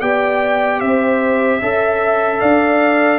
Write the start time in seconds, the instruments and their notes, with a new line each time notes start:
0.00 tuba B3, trombone G4, horn D5, trumpet G5
0.80 tuba C4, horn C5, trumpet E5
1.62 tuba C#4, trombone A4, horn E5
2.40 tuba D4, horn D5, trumpet F5